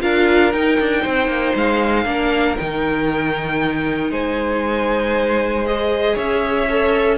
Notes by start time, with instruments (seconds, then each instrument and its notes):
0.00 cello D4, viola F4, violin A#4 F5
0.52 cello D#4, viola D#4, violin G5
0.79 cello D4
1.02 cello C4, violin C5
1.27 cello A#3
1.55 cello G#3, violin F5
2.04 cello A#3, viola D4, violin A#4
2.57 cello D#3, viola D#4, violin G5
4.10 cello G#3, violin C5 G#5
5.65 viola G#4, violin D#5
6.13 cello C#4, violin C#5 E5
6.70 viola A4